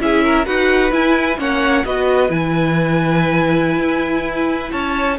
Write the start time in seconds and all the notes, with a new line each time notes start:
0.00 C#4 E4 G#4 E5
0.24 A#4
0.45 D#4 F#4 B4 F#5
0.92 E4 G#5
1.38 A#3 C#4 C#5 F#5
1.85 B3 F#4 B4 D#5
2.29 E3 E4 G#5
3.79 E4
4.72 C#4 C#5 A5